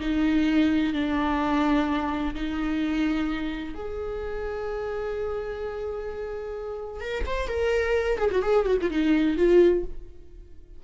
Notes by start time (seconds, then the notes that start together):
0.00 D#4
0.93 D4
2.34 D#4
3.74 G#4
7.00 A#4
7.26 C5
7.48 A#4
8.18 G#4
8.31 F#4
8.42 G#4
8.65 F#4
8.81 F4
8.90 D#4
9.37 F4